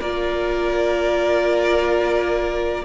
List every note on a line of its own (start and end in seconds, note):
0.00 2.84 A#3
0.00 2.84 F4
0.00 2.84 A#4
0.00 2.84 D5